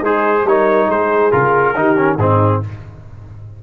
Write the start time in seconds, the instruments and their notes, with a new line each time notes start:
0.00 tuba G#3, horn D#4, trombone G#4, trumpet C5
0.44 tuba G3, trombone D#4, horn A#4, trumpet C#5
0.89 tuba G#3, horn G#4, trumpet C5
1.31 tuba C#3, trombone F4, trumpet A#4
1.75 tuba D#3, trombone D#4, horn G4
1.97 trombone C#4
2.17 tuba G#2, trombone C4, horn D#4, trumpet G#4